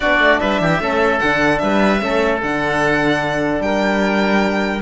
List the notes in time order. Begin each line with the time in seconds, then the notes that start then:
0.00 B3 D4 F#4 D5
0.19 A3
0.40 G3 B4 E5
0.60 E3 G4
0.79 A3 C#4 A4
1.19 D3 D4 F#5
1.58 G3 B4 E5
1.99 A3 C#4 A4
2.42 D3 D4 F#5
3.60 G3 A#4 G5